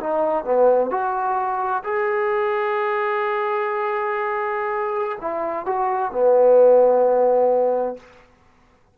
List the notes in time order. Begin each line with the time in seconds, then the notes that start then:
0.00 D#4
0.45 B3
0.91 F#4
1.84 G#4
5.21 E4
5.66 F#4
6.12 B3